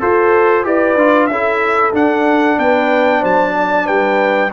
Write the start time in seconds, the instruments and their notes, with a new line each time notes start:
0.00 tuba F4, trombone A4, horn A4, trumpet C5
0.64 tuba E4, trombone G4, horn B4, trumpet D5
0.96 tuba D4, trombone F4
1.27 tuba C#4, trombone E4, horn A4, trumpet E5
1.93 trombone D4, tuba D4, trumpet F#5
2.59 tuba B3, horn B4, trumpet G5
3.20 tuba F#3, horn C5, trumpet A5
3.57 horn D5
3.86 tuba G3, horn B4, trumpet G5